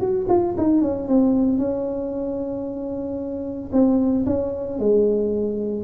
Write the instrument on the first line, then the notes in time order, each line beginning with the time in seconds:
tuba
0.00 F#4
0.29 F4
0.58 D#4
0.82 C#4
1.08 C4
1.58 C#4
3.72 C4
4.26 C#4
4.79 G#3